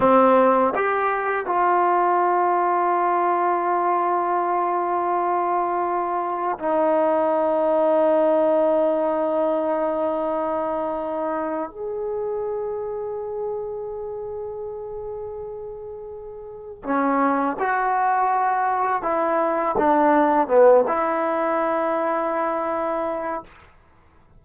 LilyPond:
\new Staff \with { instrumentName = "trombone" } { \time 4/4 \tempo 4 = 82 c'4 g'4 f'2~ | f'1~ | f'4 dis'2.~ | dis'1 |
gis'1~ | gis'2. cis'4 | fis'2 e'4 d'4 | b8 e'2.~ e'8 | }